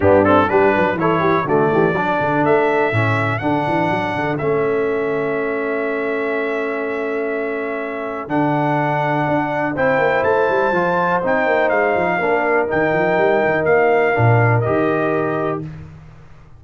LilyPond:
<<
  \new Staff \with { instrumentName = "trumpet" } { \time 4/4 \tempo 4 = 123 g'8 a'8 b'4 cis''4 d''4~ | d''4 e''2 fis''4~ | fis''4 e''2.~ | e''1~ |
e''4 fis''2. | g''4 a''2 g''4 | f''2 g''2 | f''2 dis''2 | }
  \new Staff \with { instrumentName = "horn" } { \time 4/4 d'4 g'8 b'8 a'8 g'8 fis'8 g'8 | a'1~ | a'1~ | a'1~ |
a'1 | c''1~ | c''4 ais'2.~ | ais'1 | }
  \new Staff \with { instrumentName = "trombone" } { \time 4/4 b8 c'8 d'4 e'4 a4 | d'2 cis'4 d'4~ | d'4 cis'2.~ | cis'1~ |
cis'4 d'2. | e'2 f'4 dis'4~ | dis'4 d'4 dis'2~ | dis'4 d'4 g'2 | }
  \new Staff \with { instrumentName = "tuba" } { \time 4/4 g,4 g8 fis8 e4 d8 e8 | fis8 d8 a4 a,4 d8 e8 | fis8 d8 a2.~ | a1~ |
a4 d2 d'4 | c'8 ais8 a8 g8 f4 c'8 ais8 | gis8 f8 ais4 dis8 f8 g8 dis8 | ais4 ais,4 dis2 | }
>>